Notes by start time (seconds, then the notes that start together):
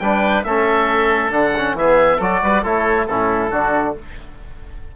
0.00 G3 D4 B4 G5
0.44 A3 C#4 A4 E5
1.31 D3 D4 F#5
1.57 C#4
1.74 E3 G#4 E5
1.80 B3
2.18 F#3 F#4 A4 D5
2.42 G3 B4
2.63 A3 E4 A4 C#5
3.07 A2 C#4 E4 A4
3.51 D3 D4 F#4